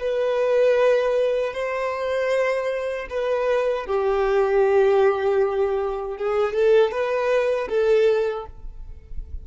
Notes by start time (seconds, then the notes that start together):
0.00 B4
1.54 C5
3.10 B4
3.86 G4
6.17 G#4
6.54 A4
6.92 B4
7.69 A4